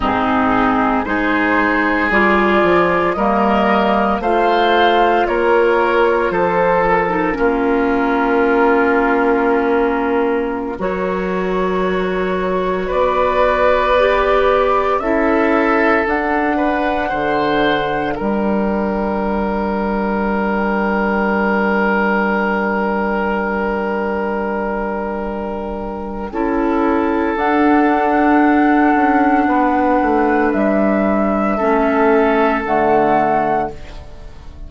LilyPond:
<<
  \new Staff \with { instrumentName = "flute" } { \time 4/4 \tempo 4 = 57 gis'4 c''4 d''4 dis''4 | f''4 cis''4 c''8 ais'4.~ | ais'2~ ais'16 cis''4.~ cis''16~ | cis''16 d''2 e''4 fis''8.~ |
fis''4~ fis''16 g''2~ g''8.~ | g''1~ | g''2 fis''2~ | fis''4 e''2 fis''4 | }
  \new Staff \with { instrumentName = "oboe" } { \time 4/4 dis'4 gis'2 ais'4 | c''4 ais'4 a'4 f'4~ | f'2~ f'16 ais'4.~ ais'16~ | ais'16 b'2 a'4. b'16~ |
b'16 c''4 ais'2~ ais'8.~ | ais'1~ | ais'4 a'2. | b'2 a'2 | }
  \new Staff \with { instrumentName = "clarinet" } { \time 4/4 c'4 dis'4 f'4 ais4 | f'2~ f'8. dis'16 cis'4~ | cis'2~ cis'16 fis'4.~ fis'16~ | fis'4~ fis'16 g'4 e'4 d'8.~ |
d'1~ | d'1~ | d'4 e'4 d'2~ | d'2 cis'4 a4 | }
  \new Staff \with { instrumentName = "bassoon" } { \time 4/4 gis,4 gis4 g8 f8 g4 | a4 ais4 f4 ais4~ | ais2~ ais16 fis4.~ fis16~ | fis16 b2 cis'4 d'8.~ |
d'16 d4 g2~ g8.~ | g1~ | g4 cis'4 d'4. cis'8 | b8 a8 g4 a4 d4 | }
>>